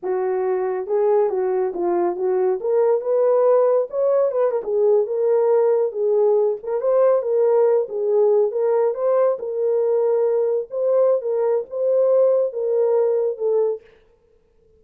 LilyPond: \new Staff \with { instrumentName = "horn" } { \time 4/4 \tempo 4 = 139 fis'2 gis'4 fis'4 | f'4 fis'4 ais'4 b'4~ | b'4 cis''4 b'8 ais'16 gis'4 ais'16~ | ais'4.~ ais'16 gis'4. ais'8 c''16~ |
c''8. ais'4. gis'4. ais'16~ | ais'8. c''4 ais'2~ ais'16~ | ais'8. c''4~ c''16 ais'4 c''4~ | c''4 ais'2 a'4 | }